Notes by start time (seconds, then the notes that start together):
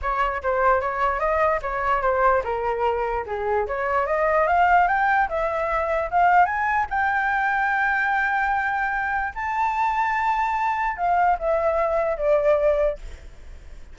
0.02 C#5
0.43 C5
0.81 C#5
1.19 D#5
1.61 C#5
2.02 C5
2.44 A#4
3.26 G#4
3.67 C#5
4.06 D#5
4.47 F5
4.87 G5
5.29 E5
6.10 F5
6.45 G#5
6.89 G5
9.34 A5
10.96 F5
11.38 E5
12.17 D5